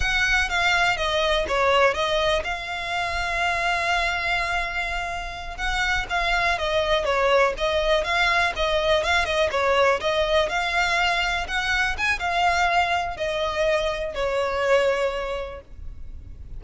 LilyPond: \new Staff \with { instrumentName = "violin" } { \time 4/4 \tempo 4 = 123 fis''4 f''4 dis''4 cis''4 | dis''4 f''2.~ | f''2.~ f''8 fis''8~ | fis''8 f''4 dis''4 cis''4 dis''8~ |
dis''8 f''4 dis''4 f''8 dis''8 cis''8~ | cis''8 dis''4 f''2 fis''8~ | fis''8 gis''8 f''2 dis''4~ | dis''4 cis''2. | }